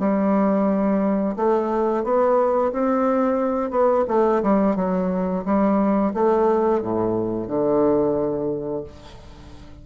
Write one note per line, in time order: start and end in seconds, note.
0.00 1.36 G3
1.37 2.04 A3
2.04 2.72 B3
2.73 3.71 C4
3.71 4.05 B3
4.08 4.43 A3
4.43 4.76 G3
4.76 5.45 F#3
5.45 6.14 G3
6.14 6.82 A3
6.82 7.48 A2
7.48 8.84 D3